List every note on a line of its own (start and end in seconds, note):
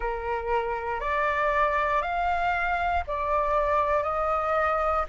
0.00 1.00 A#4
1.00 2.02 D5
2.02 3.03 F5
3.07 4.03 D5
4.03 5.05 D#5